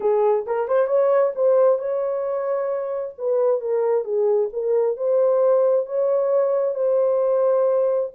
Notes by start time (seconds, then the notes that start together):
0.00 G#4
0.46 A#4
0.68 C5
0.87 C#5
1.35 C5
1.78 C#5
3.17 B4
3.60 A#4
4.04 G#4
4.53 A#4
4.96 C5
5.85 C#5
6.74 C5